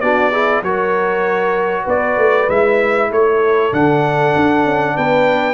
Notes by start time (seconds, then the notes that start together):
0.00 B3 D4 F#4 D5
0.31 E4 G#4
0.62 F#3 F#4 A#4 C#5
1.84 B3 B4 D5
2.17 A3
2.48 G#3 E4 E5
3.10 A3 A4 C#5
3.72 D3 D4 F#5
4.36 D4
4.65 C#4
4.95 B3 B4 G5